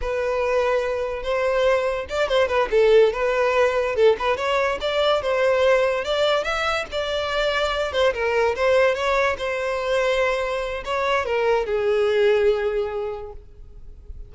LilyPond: \new Staff \with { instrumentName = "violin" } { \time 4/4 \tempo 4 = 144 b'2. c''4~ | c''4 d''8 c''8 b'8 a'4 b'8~ | b'4. a'8 b'8 cis''4 d''8~ | d''8 c''2 d''4 e''8~ |
e''8 d''2~ d''8 c''8 ais'8~ | ais'8 c''4 cis''4 c''4.~ | c''2 cis''4 ais'4 | gis'1 | }